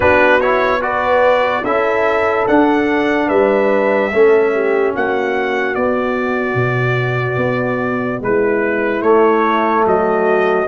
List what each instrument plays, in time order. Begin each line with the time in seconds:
0.00 tuba B3, trombone D4, horn F#4, trumpet B4
0.40 trombone E4, trumpet C#5
0.80 trombone F#4, horn B4, trumpet D5
1.63 tuba C#4, trombone E4, horn A4, trumpet E5
2.47 trombone D4, tuba D4, trumpet F#5
3.27 tuba G3, horn B4, trumpet E5
4.11 tuba A3, trombone C#4, horn A4
4.54 horn G4
4.94 tuba A#3, horn F#4, trumpet F#5
5.74 trombone B3, tuba B3, trumpet D5
6.54 tuba B2
7.36 tuba B3
8.21 tuba G#3, horn E4, trumpet B4
9.01 tuba A3, trombone A3, trumpet C#5
9.85 tuba F#3, horn F#4, trumpet D#5